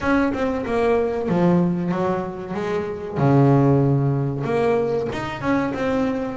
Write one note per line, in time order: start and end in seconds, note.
0.00 0.32 C#4
0.33 0.65 C4
0.65 1.29 A#3
1.29 1.91 F3
1.91 2.54 F#3
2.54 3.17 G#3
3.17 4.44 C#3
4.44 5.07 A#3
5.12 5.41 D#4
5.41 5.73 C#4
5.74 6.37 C4